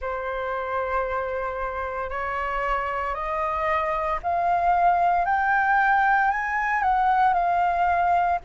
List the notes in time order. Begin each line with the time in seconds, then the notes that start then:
0.00 C5
2.10 C#5
3.14 D#5
4.22 F5
5.25 G5
6.30 G#5
6.82 F#5
7.33 F5